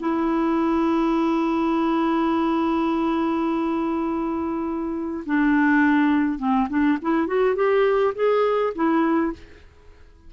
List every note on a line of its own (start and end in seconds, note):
0.00 5.24 E4
5.26 6.39 D4
6.39 6.68 C4
6.69 6.98 D4
7.02 7.27 E4
7.27 7.55 F#4
7.55 8.14 G4
8.15 8.73 G#4
8.75 9.33 E4